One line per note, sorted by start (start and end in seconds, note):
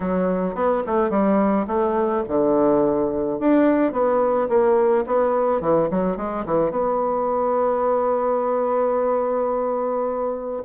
0.00 0.54 F#3
0.54 0.82 B3
0.86 1.09 A3
1.09 1.65 G3
1.67 2.23 A3
2.28 3.39 D3
3.39 3.92 D4
3.92 4.48 B3
4.49 5.05 A#3
5.06 5.60 B3
5.60 5.89 E3
5.90 6.17 F#3
6.17 6.45 G#3
6.45 6.70 E3
6.70 10.63 B3